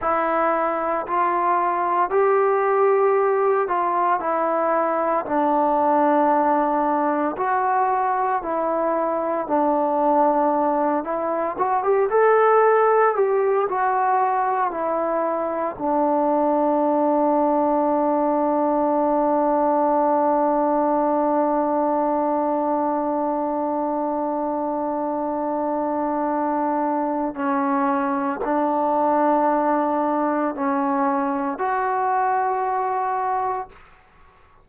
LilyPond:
\new Staff \with { instrumentName = "trombone" } { \time 4/4 \tempo 4 = 57 e'4 f'4 g'4. f'8 | e'4 d'2 fis'4 | e'4 d'4. e'8 fis'16 g'16 a'8~ | a'8 g'8 fis'4 e'4 d'4~ |
d'1~ | d'1~ | d'2 cis'4 d'4~ | d'4 cis'4 fis'2 | }